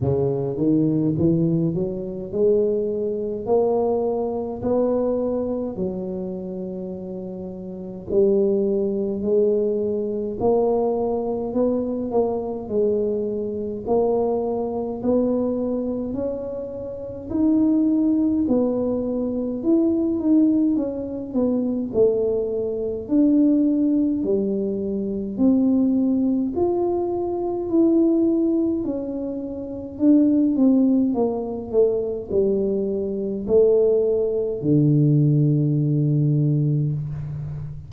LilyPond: \new Staff \with { instrumentName = "tuba" } { \time 4/4 \tempo 4 = 52 cis8 dis8 e8 fis8 gis4 ais4 | b4 fis2 g4 | gis4 ais4 b8 ais8 gis4 | ais4 b4 cis'4 dis'4 |
b4 e'8 dis'8 cis'8 b8 a4 | d'4 g4 c'4 f'4 | e'4 cis'4 d'8 c'8 ais8 a8 | g4 a4 d2 | }